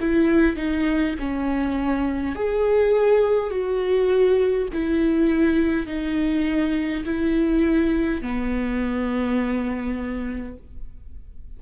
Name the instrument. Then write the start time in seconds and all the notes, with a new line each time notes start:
viola
0.00 E4
0.57 D#4
1.19 C#4
2.36 G#4
3.50 F#4
4.73 E4
5.87 D#4
7.05 E4
8.22 B3